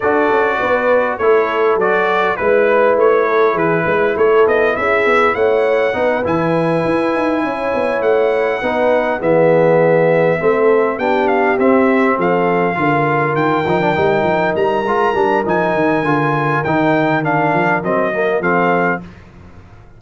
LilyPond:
<<
  \new Staff \with { instrumentName = "trumpet" } { \time 4/4 \tempo 4 = 101 d''2 cis''4 d''4 | b'4 cis''4 b'4 cis''8 dis''8 | e''4 fis''4. gis''4.~ | gis''4. fis''2 e''8~ |
e''2~ e''8 g''8 f''8 e''8~ | e''8 f''2 g''4.~ | g''8 ais''4. gis''2 | g''4 f''4 dis''4 f''4 | }
  \new Staff \with { instrumentName = "horn" } { \time 4/4 a'4 b'4 a'2 | b'4. a'8 gis'8 b'8 a'4 | gis'4 cis''4 b'2~ | b'8 cis''2 b'4 gis'8~ |
gis'4. a'4 g'4.~ | g'8 a'4 ais'2~ ais'8~ | ais'1~ | ais'2. a'4 | }
  \new Staff \with { instrumentName = "trombone" } { \time 4/4 fis'2 e'4 fis'4 | e'1~ | e'2 dis'8 e'4.~ | e'2~ e'8 dis'4 b8~ |
b4. c'4 d'4 c'8~ | c'4. f'4. dis'16 d'16 dis'8~ | dis'4 f'8 d'8 dis'4 f'4 | dis'4 d'4 c'8 ais8 c'4 | }
  \new Staff \with { instrumentName = "tuba" } { \time 4/4 d'8 cis'8 b4 a4 fis4 | gis4 a4 e8 gis8 a8 b8 | cis'8 b8 a4 b8 e4 e'8 | dis'8 cis'8 b8 a4 b4 e8~ |
e4. a4 b4 c'8~ | c'8 f4 d4 dis8 f8 g8 | f8 g8 gis8 g8 f8 dis8 d4 | dis4. f8 fis4 f4 | }
>>